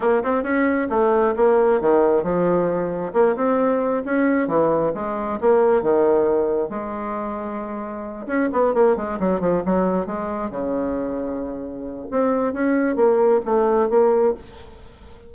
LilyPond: \new Staff \with { instrumentName = "bassoon" } { \time 4/4 \tempo 4 = 134 ais8 c'8 cis'4 a4 ais4 | dis4 f2 ais8 c'8~ | c'4 cis'4 e4 gis4 | ais4 dis2 gis4~ |
gis2~ gis8 cis'8 b8 ais8 | gis8 fis8 f8 fis4 gis4 cis8~ | cis2. c'4 | cis'4 ais4 a4 ais4 | }